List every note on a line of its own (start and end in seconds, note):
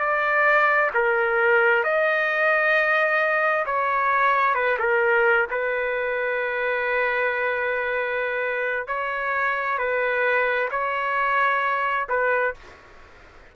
0.00 0.91 D5
0.94 1.84 A#4
1.84 3.66 D#5
3.66 4.55 C#5
4.55 4.77 B4
4.79 5.47 A#4
5.50 8.88 B4
8.88 9.78 C#5
9.78 10.69 B4
10.71 12.07 C#5
12.09 12.55 B4